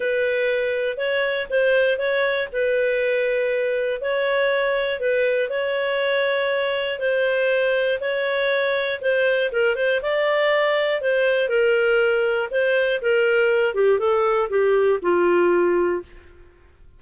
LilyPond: \new Staff \with { instrumentName = "clarinet" } { \time 4/4 \tempo 4 = 120 b'2 cis''4 c''4 | cis''4 b'2. | cis''2 b'4 cis''4~ | cis''2 c''2 |
cis''2 c''4 ais'8 c''8 | d''2 c''4 ais'4~ | ais'4 c''4 ais'4. g'8 | a'4 g'4 f'2 | }